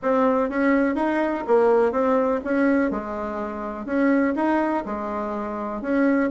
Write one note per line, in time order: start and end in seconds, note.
0.02 0.49 C4
0.49 0.95 C#4
0.95 1.43 D#4
1.47 1.91 A#3
1.91 2.40 C4
2.44 2.90 C#4
2.90 3.85 G#3
3.85 4.34 C#4
4.35 4.84 D#4
4.85 5.81 G#3
5.81 6.29 C#4